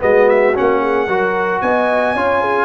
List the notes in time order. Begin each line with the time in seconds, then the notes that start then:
0.00 G#3 B3 F#4 D#5
0.29 E5
0.54 C#4 F#5
0.60 A#3
0.82 G#4
1.08 F#3 F#4 A#4
1.62 B3 D#5 G#5
2.15 C#4 F4 C#5
2.41 G#4